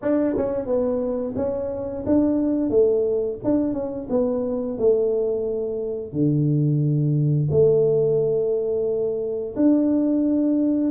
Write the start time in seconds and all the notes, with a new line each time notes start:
0.02 D4
0.37 C#4
0.66 B3
1.36 C#4
2.05 D4
2.69 A3
3.43 D4
3.73 C#4
4.09 B3
4.78 A3
6.12 D3
7.50 A3
9.56 D4